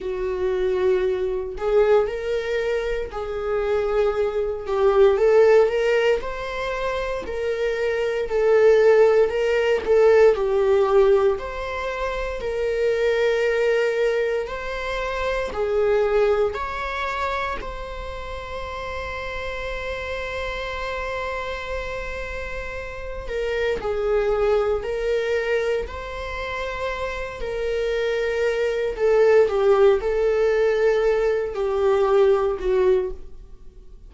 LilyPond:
\new Staff \with { instrumentName = "viola" } { \time 4/4 \tempo 4 = 58 fis'4. gis'8 ais'4 gis'4~ | gis'8 g'8 a'8 ais'8 c''4 ais'4 | a'4 ais'8 a'8 g'4 c''4 | ais'2 c''4 gis'4 |
cis''4 c''2.~ | c''2~ c''8 ais'8 gis'4 | ais'4 c''4. ais'4. | a'8 g'8 a'4. g'4 fis'8 | }